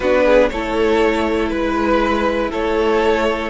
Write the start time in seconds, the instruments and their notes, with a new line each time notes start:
0.00 cello B3, viola D4, violin F#4 B4
0.25 violin G#4
0.49 cello A3, viola E4, violin A4 C#5
1.48 cello G#3, violin B4
2.50 cello A3, violin A4 C#5